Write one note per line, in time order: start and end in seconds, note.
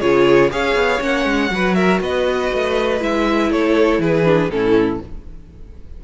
0.00 0.51 C#3
0.00 0.50 F4
0.00 0.52 G#4
0.00 0.50 C#5
0.50 0.75 C#4
0.50 0.99 G#4
0.50 1.52 C#5
0.50 1.02 F5
0.75 1.00 B3
0.99 1.25 A#3
0.99 1.49 C#4
0.99 1.74 F#5
1.25 1.50 G#3
1.50 2.00 F#3
1.50 3.00 F#4
1.50 1.76 B4
1.74 2.01 A#4
1.74 1.99 E5
2.01 2.51 B3
2.01 3.51 B4
2.01 3.02 D#5
2.53 3.01 A3
3.00 3.51 G#3
3.00 4.25 E4
3.00 3.52 E5
3.51 3.98 A3
3.51 4.01 A4
3.51 4.01 C#5
3.98 4.48 E3
3.98 4.52 G#4
3.98 4.50 B4
4.25 4.50 D4
4.49 4.99 A2
4.49 5.00 C#4
4.49 5.04 E4
4.49 5.00 A4